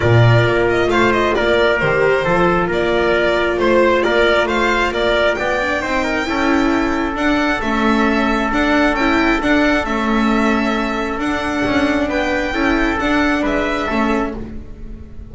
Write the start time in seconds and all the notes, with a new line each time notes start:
0.00 A#2 F4 A#4 D5
0.46 A#3
0.69 D#5
0.87 A3 C5 F5
1.12 D#5
1.34 A#3 A#4 D5
1.79 D#3 G4 C5
2.24 F3 F4 A4
2.67 A#3 A#4 D5
3.58 A3 C5
4.02 A#3 A#4 D5
4.45 A3 C5 F5
4.91 A#3 A#4 D5
5.34 B3 D5 G5
5.61 D4
5.81 C4 D#4 C5
6.04 A#4
6.25 C#4 E4 A4
7.15 D4 F#5
7.61 A3 C#4 E5
8.52 D4 F#5
8.92 C#4 G5
8.99 E4
9.41 D4 F#5
9.84 A3 C#4 E5
11.18 D4 F#5
11.65 C#4
12.08 B3 B4 G5
12.52 C#4 E4 A4
12.99 D4 F#5
13.41 G#3 B4 E5
13.86 A3 C#4 A4